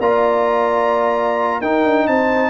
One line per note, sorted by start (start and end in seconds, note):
0.00 1.62 A#3
0.00 1.63 F4
0.00 1.60 D5
0.00 1.62 A#5
1.60 1.85 D#4
1.60 2.50 D#4
1.60 2.06 A#4
1.60 2.08 G5
1.85 2.08 D4
2.08 2.50 C4
2.08 2.50 C5
2.08 2.50 A5